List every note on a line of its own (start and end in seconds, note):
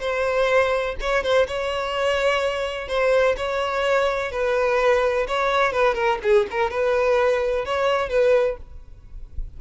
0.00 0.95 C5
1.00 1.23 C#5
1.23 1.47 C5
1.47 2.88 C#5
2.88 3.35 C5
3.37 4.31 C#5
4.31 5.27 B4
5.27 5.72 C#5
5.72 5.94 B4
5.94 6.18 A#4
6.23 6.46 G#4
6.50 6.70 A#4
6.70 7.65 B4
7.65 8.09 C#5
8.09 8.56 B4